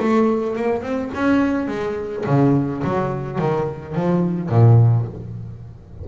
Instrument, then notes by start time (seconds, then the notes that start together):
double bass
0.00 A3
0.56 A#3
0.83 C4
1.15 C#4
1.68 G#3
2.27 C#3
2.84 F#3
3.39 D#3
3.95 F3
4.50 A#2